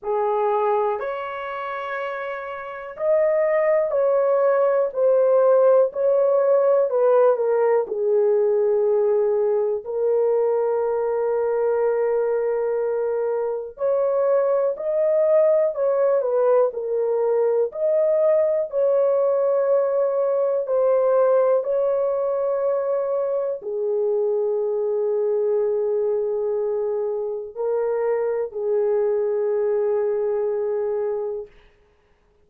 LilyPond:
\new Staff \with { instrumentName = "horn" } { \time 4/4 \tempo 4 = 61 gis'4 cis''2 dis''4 | cis''4 c''4 cis''4 b'8 ais'8 | gis'2 ais'2~ | ais'2 cis''4 dis''4 |
cis''8 b'8 ais'4 dis''4 cis''4~ | cis''4 c''4 cis''2 | gis'1 | ais'4 gis'2. | }